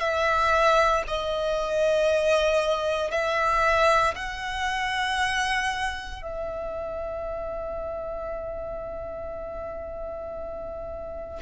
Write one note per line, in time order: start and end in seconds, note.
0.00 1.03 E5
1.08 3.11 D#5
3.11 4.15 E5
4.16 6.22 F#5
6.22 11.39 E5